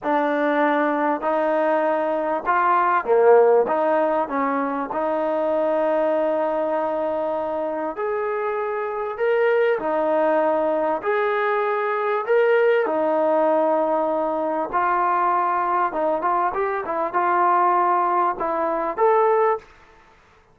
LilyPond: \new Staff \with { instrumentName = "trombone" } { \time 4/4 \tempo 4 = 98 d'2 dis'2 | f'4 ais4 dis'4 cis'4 | dis'1~ | dis'4 gis'2 ais'4 |
dis'2 gis'2 | ais'4 dis'2. | f'2 dis'8 f'8 g'8 e'8 | f'2 e'4 a'4 | }